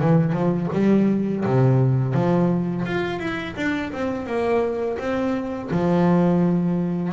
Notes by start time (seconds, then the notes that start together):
0.00 E3
0.32 F3
0.73 G3
1.45 C3
2.14 F3
2.86 F4
3.19 E4
3.56 D4
3.93 C4
4.27 A#3
4.98 C4
5.71 F3